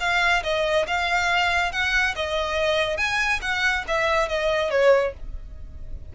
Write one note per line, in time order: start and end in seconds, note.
0.00 0.43 F5
0.43 0.86 D#5
0.87 1.72 F5
1.72 2.15 F#5
2.16 2.97 D#5
2.97 3.40 G#5
3.42 3.85 F#5
3.87 4.29 E5
4.29 4.70 D#5
4.70 5.13 C#5